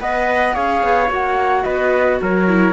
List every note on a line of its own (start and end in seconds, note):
0.00 0.55 B3
0.00 0.53 B4
0.00 0.54 D#5
0.00 0.55 F#5
0.53 0.83 C#4
0.53 1.08 G#4
0.53 1.64 C#5
0.53 1.10 F5
0.83 1.10 B3
1.09 1.65 A#3
1.09 2.46 F#4
1.09 1.64 F#5
1.64 2.20 B3
1.64 2.19 B4
1.64 2.19 D#5
2.21 2.73 F#3
2.21 2.73 A#4
2.21 2.73 C#5
2.48 2.73 E4